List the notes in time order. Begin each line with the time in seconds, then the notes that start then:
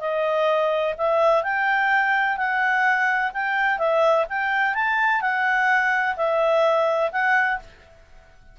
0.00 D#5
0.98 E5
1.43 G5
2.37 F#5
3.33 G5
3.79 E5
4.29 G5
4.74 A5
5.21 F#5
6.17 E5
7.12 F#5